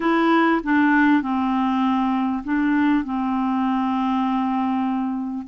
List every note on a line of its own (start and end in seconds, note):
0.00 0.61 E4
0.63 1.21 D4
1.21 2.43 C4
2.44 3.04 D4
3.04 5.47 C4